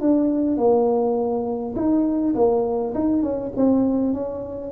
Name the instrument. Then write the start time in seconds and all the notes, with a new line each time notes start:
tuba
0.00 D4
0.57 A#3
1.76 D#4
2.35 A#3
2.95 D#4
3.22 C#4
3.56 C4
4.13 C#4